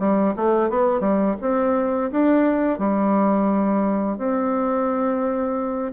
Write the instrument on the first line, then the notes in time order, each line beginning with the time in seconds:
bassoon
0.00 G3
0.37 A3
0.70 B3
1.01 G3
1.42 C4
2.12 D4
2.79 G3
4.18 C4